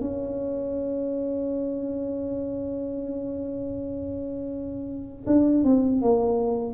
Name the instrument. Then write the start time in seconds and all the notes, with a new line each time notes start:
tuba
0.00 C#4
5.26 D4
5.64 C4
6.01 A#3